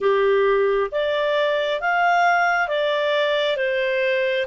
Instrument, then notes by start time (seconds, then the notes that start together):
clarinet
0.00 G4
0.91 D5
1.81 F5
2.67 D5
3.57 C5